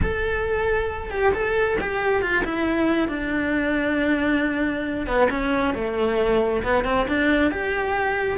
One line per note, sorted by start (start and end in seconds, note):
0.02 1.10 A4
1.10 1.32 G4
1.33 1.77 A4
1.80 2.21 G4
2.21 2.43 F4
2.44 3.08 E4
3.08 5.06 D4
5.06 5.28 B3
5.30 5.74 C#4
5.74 6.62 A3
6.63 6.84 B3
6.84 7.06 C4
7.07 7.51 D4
7.51 8.38 G4